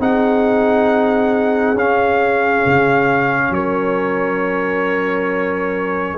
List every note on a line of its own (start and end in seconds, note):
0.00 1.75 C4
0.00 1.76 D#4
0.00 3.53 G#4
0.00 1.78 F#5
1.75 2.63 C#4
1.75 6.18 C#4
1.75 3.54 F5
2.67 3.51 C#3
3.51 6.15 F#3
3.51 6.18 A#4
3.51 6.18 C#5